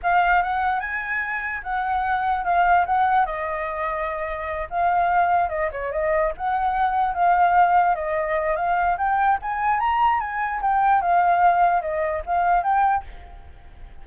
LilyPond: \new Staff \with { instrumentName = "flute" } { \time 4/4 \tempo 4 = 147 f''4 fis''4 gis''2 | fis''2 f''4 fis''4 | dis''2.~ dis''8 f''8~ | f''4. dis''8 cis''8 dis''4 fis''8~ |
fis''4. f''2 dis''8~ | dis''4 f''4 g''4 gis''4 | ais''4 gis''4 g''4 f''4~ | f''4 dis''4 f''4 g''4 | }